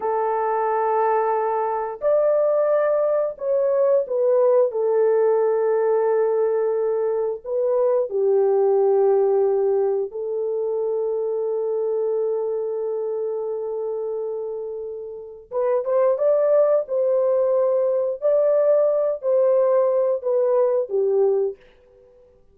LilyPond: \new Staff \with { instrumentName = "horn" } { \time 4/4 \tempo 4 = 89 a'2. d''4~ | d''4 cis''4 b'4 a'4~ | a'2. b'4 | g'2. a'4~ |
a'1~ | a'2. b'8 c''8 | d''4 c''2 d''4~ | d''8 c''4. b'4 g'4 | }